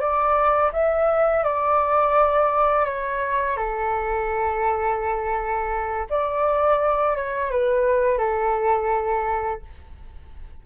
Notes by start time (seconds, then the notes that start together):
0.00 D5
0.72 E5
1.44 D5
2.85 C#5
3.56 A4
6.09 D5
7.16 C#5
7.51 B4
8.18 A4